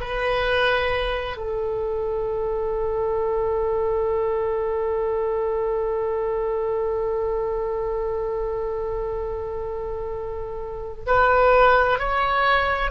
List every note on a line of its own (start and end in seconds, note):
0.00 1.37 B4
1.37 11.06 A4
11.06 11.99 B4
11.99 12.91 C#5